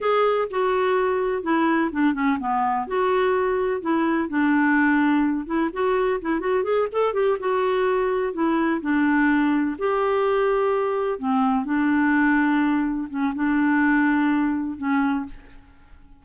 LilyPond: \new Staff \with { instrumentName = "clarinet" } { \time 4/4 \tempo 4 = 126 gis'4 fis'2 e'4 | d'8 cis'8 b4 fis'2 | e'4 d'2~ d'8 e'8 | fis'4 e'8 fis'8 gis'8 a'8 g'8 fis'8~ |
fis'4. e'4 d'4.~ | d'8 g'2. c'8~ | c'8 d'2. cis'8 | d'2. cis'4 | }